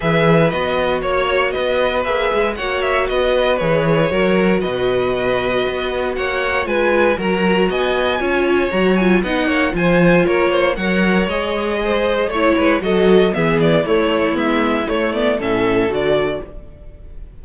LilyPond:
<<
  \new Staff \with { instrumentName = "violin" } { \time 4/4 \tempo 4 = 117 e''4 dis''4 cis''4 dis''4 | e''4 fis''8 e''8 dis''4 cis''4~ | cis''4 dis''2. | fis''4 gis''4 ais''4 gis''4~ |
gis''4 ais''8 gis''8 fis''4 gis''4 | cis''4 fis''4 dis''2 | cis''4 dis''4 e''8 d''8 cis''4 | e''4 cis''8 d''8 e''4 d''4 | }
  \new Staff \with { instrumentName = "violin" } { \time 4/4 b'2 cis''4 b'4~ | b'4 cis''4 b'2 | ais'4 b'2. | cis''4 b'4 ais'4 dis''4 |
cis''2 dis''8 cis''8 c''4 | ais'8 c''8 cis''2 c''4 | cis''8 b'8 a'4 gis'4 e'4~ | e'2 a'2 | }
  \new Staff \with { instrumentName = "viola" } { \time 4/4 gis'4 fis'2. | gis'4 fis'2 gis'4 | fis'1~ | fis'4 f'4 fis'2 |
f'4 fis'8 f'8 dis'4 f'4~ | f'4 ais'4 gis'2 | e'4 fis'4 b4 a4 | b4 a8 b8 cis'4 fis'4 | }
  \new Staff \with { instrumentName = "cello" } { \time 4/4 e4 b4 ais4 b4 | ais8 gis8 ais4 b4 e4 | fis4 b,2 b4 | ais4 gis4 fis4 b4 |
cis'4 fis4 b8 ais8 f4 | ais4 fis4 gis2 | a8 gis8 fis4 e4 a4 | gis4 a4 a,4 d4 | }
>>